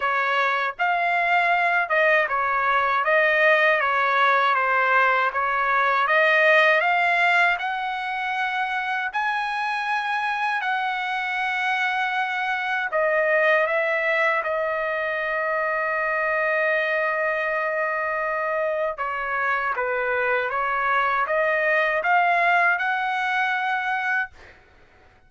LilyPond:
\new Staff \with { instrumentName = "trumpet" } { \time 4/4 \tempo 4 = 79 cis''4 f''4. dis''8 cis''4 | dis''4 cis''4 c''4 cis''4 | dis''4 f''4 fis''2 | gis''2 fis''2~ |
fis''4 dis''4 e''4 dis''4~ | dis''1~ | dis''4 cis''4 b'4 cis''4 | dis''4 f''4 fis''2 | }